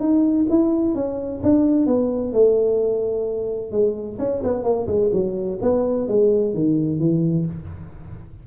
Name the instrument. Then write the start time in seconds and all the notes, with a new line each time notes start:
tuba
0.00 D#4
0.50 E4
0.95 C#4
1.43 D4
1.86 B3
2.33 A3
3.72 G#3
4.19 C#4
4.44 B3
4.64 A#3
4.87 G#3
5.12 F#3
5.62 B3
6.08 G#3
6.54 D#3
6.99 E3